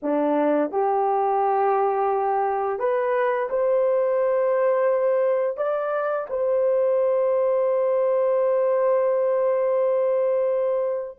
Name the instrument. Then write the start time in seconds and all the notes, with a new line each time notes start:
horn
0.02 D4
0.71 G4
2.79 B4
3.49 C5
5.57 D5
6.29 C5